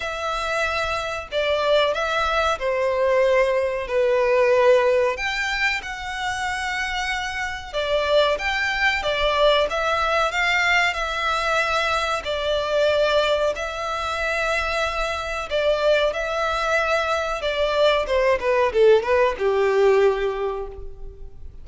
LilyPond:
\new Staff \with { instrumentName = "violin" } { \time 4/4 \tempo 4 = 93 e''2 d''4 e''4 | c''2 b'2 | g''4 fis''2. | d''4 g''4 d''4 e''4 |
f''4 e''2 d''4~ | d''4 e''2. | d''4 e''2 d''4 | c''8 b'8 a'8 b'8 g'2 | }